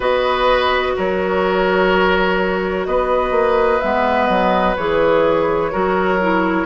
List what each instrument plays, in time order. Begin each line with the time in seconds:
0.00 bassoon B3, clarinet F#4, oboe B4, flute D#5
0.96 bassoon F#3, oboe A#4, flute C#5
2.86 bassoon B3, oboe B4, flute D#5
3.31 bassoon A#3
3.80 bassoon G#3, clarinet B3, flute E5
4.26 bassoon F#3, flute D#5
4.76 bassoon E3, clarinet G#4, flute C#5
5.71 bassoon F#3, clarinet F#4, oboe A#4
6.20 clarinet E4